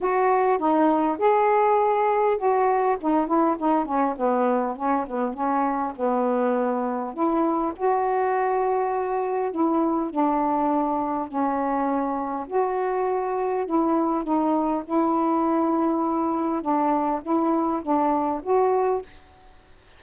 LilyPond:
\new Staff \with { instrumentName = "saxophone" } { \time 4/4 \tempo 4 = 101 fis'4 dis'4 gis'2 | fis'4 dis'8 e'8 dis'8 cis'8 b4 | cis'8 b8 cis'4 b2 | e'4 fis'2. |
e'4 d'2 cis'4~ | cis'4 fis'2 e'4 | dis'4 e'2. | d'4 e'4 d'4 fis'4 | }